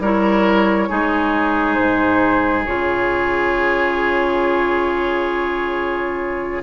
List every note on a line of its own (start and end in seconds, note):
0.00 0.88 G3
0.00 0.89 E4
0.00 0.89 A#4
0.00 1.75 C#5
0.89 1.78 G#3
0.89 2.66 D#4
0.89 6.63 G#4
1.75 2.67 G#2
1.75 2.63 C5
2.66 6.63 C#3
2.66 6.63 F4
2.66 6.63 C#5